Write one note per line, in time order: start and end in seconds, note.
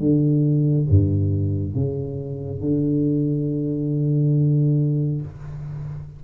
0.00 0.87 D3
0.90 1.75 G2
1.75 2.61 C#3
2.61 5.22 D3